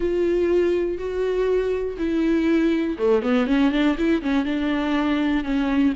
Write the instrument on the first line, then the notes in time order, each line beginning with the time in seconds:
viola
0.00 F4
0.98 F#4
1.98 E4
2.98 A3
3.22 B3
3.46 C#4
3.71 D4
3.98 E4
4.21 C#4
4.45 D4
5.44 C#4